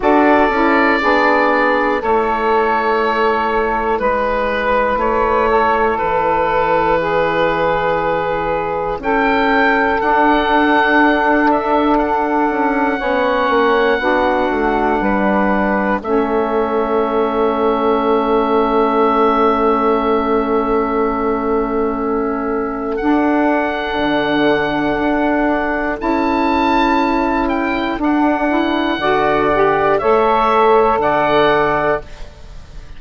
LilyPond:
<<
  \new Staff \with { instrumentName = "oboe" } { \time 4/4 \tempo 4 = 60 d''2 cis''2 | b'4 cis''4 b'2~ | b'4 g''4 fis''4. e''8 | fis''1 |
e''1~ | e''2. fis''4~ | fis''2 a''4. g''8 | fis''2 e''4 fis''4 | }
  \new Staff \with { instrumentName = "saxophone" } { \time 4/4 a'4 gis'4 a'2 | b'4. a'4. gis'4~ | gis'4 a'2.~ | a'4 cis''4 fis'4 b'4 |
a'1~ | a'1~ | a'1~ | a'4 d''4 cis''4 d''4 | }
  \new Staff \with { instrumentName = "saxophone" } { \time 4/4 fis'8 e'8 d'4 e'2~ | e'1~ | e'2 d'2~ | d'4 cis'4 d'2 |
cis'1~ | cis'2. d'4~ | d'2 e'2 | d'8 e'8 fis'8 g'8 a'2 | }
  \new Staff \with { instrumentName = "bassoon" } { \time 4/4 d'8 cis'8 b4 a2 | gis4 a4 e2~ | e4 cis'4 d'2~ | d'8 cis'8 b8 ais8 b8 a8 g4 |
a1~ | a2. d'4 | d4 d'4 cis'2 | d'4 d4 a4 d4 | }
>>